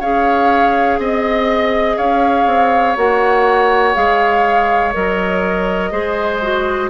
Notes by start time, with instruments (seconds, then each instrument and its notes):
0.00 bassoon C#4, clarinet G#4, oboe C#5, flute F5
0.98 bassoon C4, oboe D#5, flute D#5
1.96 bassoon C#4, oboe C#5, flute F5
2.46 bassoon C4
2.96 bassoon A#3, clarinet F#4, flute F#5
3.94 bassoon G#3, clarinet G#4, flute F5
4.93 bassoon F#3, clarinet A#4, flute D#5
5.91 bassoon G#3, clarinet G#4, oboe C5
6.41 clarinet F#4